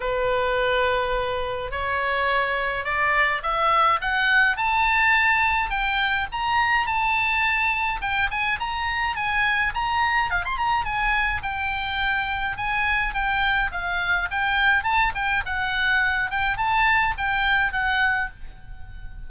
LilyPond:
\new Staff \with { instrumentName = "oboe" } { \time 4/4 \tempo 4 = 105 b'2. cis''4~ | cis''4 d''4 e''4 fis''4 | a''2 g''4 ais''4 | a''2 g''8 gis''8 ais''4 |
gis''4 ais''4 f''16 c'''16 ais''8 gis''4 | g''2 gis''4 g''4 | f''4 g''4 a''8 g''8 fis''4~ | fis''8 g''8 a''4 g''4 fis''4 | }